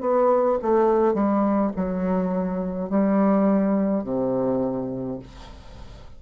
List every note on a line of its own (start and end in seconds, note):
0.00 0.58 B3
0.61 1.13 A3
1.13 1.72 G3
1.76 2.89 F#3
2.89 4.03 G3
4.03 5.19 C3